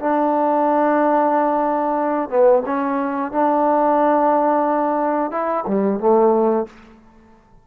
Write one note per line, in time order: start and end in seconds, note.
0.00 2.29 D4
2.29 2.63 B3
2.66 3.32 C#4
3.32 5.31 D4
5.31 5.65 E4
5.67 6.00 G3
6.00 6.66 A3